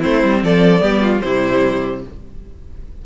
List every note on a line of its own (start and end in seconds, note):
0.00 0.24 A3
0.00 0.80 C4
0.00 0.40 E4
0.00 0.44 C5
0.24 0.43 G3
0.43 0.82 F3
0.43 0.83 A4
0.43 1.21 D5
0.80 1.22 G3
0.80 1.20 B3
0.80 1.02 G4
1.02 1.22 F4
1.21 2.05 C3
1.21 2.05 G3
1.21 2.05 E4
1.21 2.01 C5